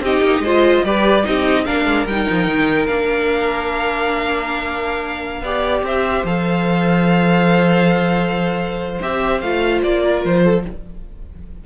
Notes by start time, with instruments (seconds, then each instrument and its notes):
0.00 cello C4, viola D#4, violin G4 D#5
0.22 cello A#3
0.39 cello G#3, violin C5
0.46 viola F4
0.84 cello G3, viola G4, violin B4 D5
1.24 cello C4, viola D#4, violin G4 D#5
1.65 cello A#3, viola D4, violin A#4 F5
1.85 cello G#3
2.06 cello G3, viola D#4, violin G5
2.30 cello F3
2.47 cello D#3
2.87 cello A#3, viola D4, violin F5
5.42 cello B3, viola G4, violin D5
5.83 cello C4, violin C5 E5
6.24 cello F3, viola A4, violin F5
9.01 cello C4, viola G4, violin E5
9.41 cello A3, viola F4, violin F5
9.82 cello A#3, violin D5
10.03 violin A#4
10.25 cello F3, violin C5
10.44 violin A4